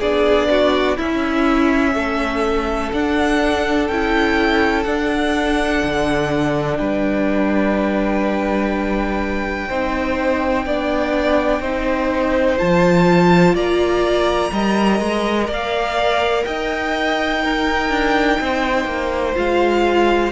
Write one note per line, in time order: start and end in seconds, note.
0.00 0.98 B3
0.00 0.98 D4
0.00 0.48 G#4
0.00 0.98 D5
0.51 0.97 F#4
0.97 1.95 C#4
0.97 2.93 C#4
0.97 1.94 E4
0.97 2.92 E5
1.94 2.92 A3
1.94 6.78 A4
2.93 3.89 D4
2.93 3.90 D4
2.93 3.88 F#5
3.88 4.86 C#4
3.88 4.86 E4
3.88 4.84 G5
4.84 5.82 D4
4.84 9.70 D4
4.84 6.76 F#5
5.83 6.80 D3
6.76 9.70 G3
6.76 9.69 B4
6.76 12.57 G5
9.69 10.66 C4
9.69 10.67 D#4
9.69 10.65 C5
10.66 11.61 B3
10.66 11.63 D4
10.66 11.61 D5
11.61 12.57 C4
11.61 12.58 D#4
11.61 13.55 C5
12.58 13.55 F3
12.58 14.52 F4
12.58 13.56 A5
13.55 14.51 A#3
13.55 14.52 D5
13.55 15.50 A#5
14.52 15.01 G3
14.52 17.44 A#4
14.52 15.47 D#5
15.01 15.49 G#3
15.47 16.46 A#3
15.47 16.44 D5
15.53 16.44 F5
16.44 17.90 D#4
16.44 17.43 D#5
16.44 19.35 G5
17.43 19.35 D#4
17.43 18.40 A#4
17.90 18.38 D4
18.41 18.85 C4
18.41 20.32 C5
18.85 19.34 A#3
19.35 20.32 G#3
19.35 20.32 F4
19.35 20.32 F5